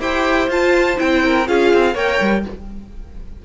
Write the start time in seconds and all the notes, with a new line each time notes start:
0.00 E4 G4 C5 G5
0.49 F4 A5
0.97 C4 E4 G5
1.25 A#4
1.46 C#4 F4 G#4 F5
1.74 C4
1.94 A#3 A#4 C#5 G5
2.21 G3